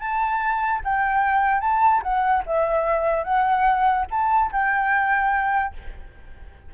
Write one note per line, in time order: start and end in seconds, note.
0.00 0.82 A5
0.84 1.61 G5
1.61 2.02 A5
2.03 2.44 F#5
2.47 3.24 E5
3.24 4.06 F#5
4.11 4.52 A5
4.52 5.75 G5